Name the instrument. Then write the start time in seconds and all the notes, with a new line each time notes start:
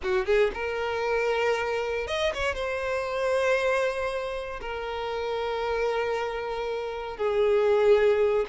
violin
0.02 F#4
0.25 G#4
0.54 A#4
2.07 D#5
2.34 C#5
2.54 C5
4.61 A#4
7.17 G#4